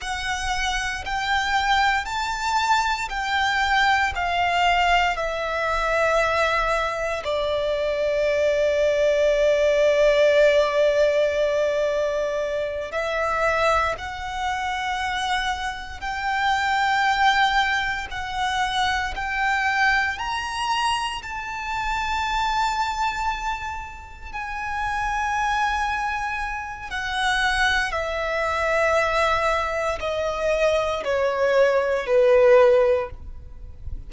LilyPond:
\new Staff \with { instrumentName = "violin" } { \time 4/4 \tempo 4 = 58 fis''4 g''4 a''4 g''4 | f''4 e''2 d''4~ | d''1~ | d''8 e''4 fis''2 g''8~ |
g''4. fis''4 g''4 ais''8~ | ais''8 a''2. gis''8~ | gis''2 fis''4 e''4~ | e''4 dis''4 cis''4 b'4 | }